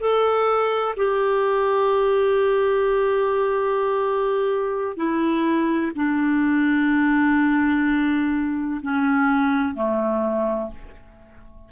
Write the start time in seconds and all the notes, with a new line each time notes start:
0.00 A4
0.97 G4
4.97 E4
5.96 D4
8.83 C#4
9.75 A3